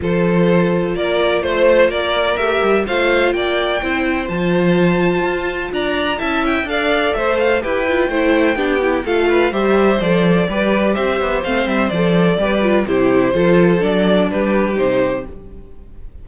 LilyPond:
<<
  \new Staff \with { instrumentName = "violin" } { \time 4/4 \tempo 4 = 126 c''2 d''4 c''4 | d''4 e''4 f''4 g''4~ | g''4 a''2. | ais''4 a''8 g''8 f''4 e''8 f''8 |
g''2. f''4 | e''4 d''2 e''4 | f''8 e''8 d''2 c''4~ | c''4 d''4 b'4 c''4 | }
  \new Staff \with { instrumentName = "violin" } { \time 4/4 a'2 ais'4 c''4 | ais'2 c''4 d''4 | c''1 | d''4 e''4 d''4 c''4 |
b'4 c''4 g'4 a'8 b'8 | c''2 b'4 c''4~ | c''2 b'4 g'4 | a'2 g'2 | }
  \new Staff \with { instrumentName = "viola" } { \time 4/4 f'1~ | f'4 g'4 f'2 | e'4 f'2.~ | f'4 e'4 a'2 |
g'8 f'8 e'4 d'8 e'8 f'4 | g'4 a'4 g'2 | c'4 a'4 g'8 f'8 e'4 | f'4 d'2 dis'4 | }
  \new Staff \with { instrumentName = "cello" } { \time 4/4 f2 ais4 a4 | ais4 a8 g8 a4 ais4 | c'4 f2 f'4 | d'4 cis'4 d'4 a4 |
e'4 a4 b4 a4 | g4 f4 g4 c'8 b8 | a8 g8 f4 g4 c4 | f4 fis4 g4 c4 | }
>>